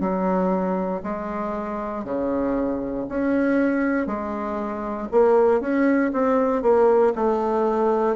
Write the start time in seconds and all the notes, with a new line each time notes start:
0.00 F#3
1.03 G#3
2.04 C#3
3.08 C#4
4.06 G#3
5.11 A#3
5.60 C#4
6.12 C4
6.62 A#3
7.15 A3